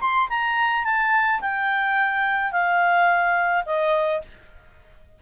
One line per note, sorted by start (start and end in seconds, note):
0.00 0.28 C6
0.29 0.84 A#5
0.84 1.40 A5
1.40 2.52 G5
2.52 3.64 F5
3.65 4.21 D#5